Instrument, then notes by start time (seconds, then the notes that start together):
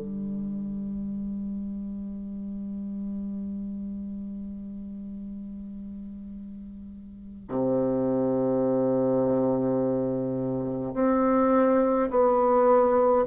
bassoon
0.00 G3
7.49 C3
10.95 C4
12.10 B3